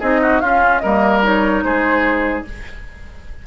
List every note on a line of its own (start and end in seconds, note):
0.00 0.42 C4
0.00 0.42 D#4
0.00 0.20 G#4
0.00 0.40 D#5
0.22 0.42 F#4
0.40 0.82 C#4
0.40 0.82 F4
0.40 0.79 F5
0.79 1.64 G3
0.79 1.23 A#3
0.79 1.64 A#4
0.79 1.20 D#5
1.23 2.45 D#4
1.23 1.64 C#5
1.64 2.45 G#3
1.64 2.47 G#4
1.64 2.45 C5